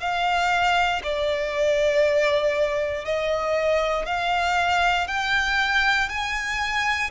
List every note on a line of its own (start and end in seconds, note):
0.00 1.02 F5
1.04 3.05 D5
3.05 4.05 D#5
4.05 5.07 F5
5.07 6.09 G5
6.09 7.10 G#5